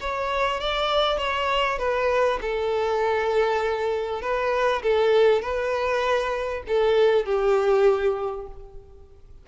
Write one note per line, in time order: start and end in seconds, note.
0.00 0.60 C#5
0.60 1.18 D5
1.18 1.78 C#5
1.78 2.39 B4
2.41 4.21 A4
4.21 4.82 B4
4.82 5.41 A4
5.41 6.63 B4
6.67 7.25 A4
7.25 8.47 G4